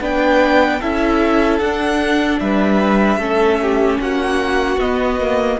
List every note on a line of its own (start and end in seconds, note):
0.00 0.81 B3
0.00 0.80 D4
0.00 0.80 B4
0.00 0.81 G5
0.80 1.60 C#4
0.80 1.62 E4
0.80 2.40 A4
0.80 1.59 E5
1.59 2.40 D4
1.59 3.19 D4
1.59 2.39 F#5
2.39 3.17 G3
2.39 3.19 B4
2.39 3.99 E5
3.17 3.97 A3
3.17 4.79 C#4
3.17 3.59 A4
3.62 4.01 G4
4.00 4.77 A#3
4.00 5.60 F#4
4.00 4.79 F#5
4.77 5.57 B3
4.77 5.20 B3
4.77 5.59 D#5
5.20 5.60 A#3